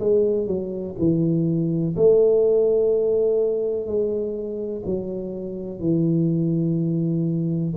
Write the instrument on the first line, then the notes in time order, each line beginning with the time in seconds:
tuba
0.00 G#3
0.47 F#3
0.99 E3
1.97 A3
3.87 G#3
4.85 F#3
5.80 E3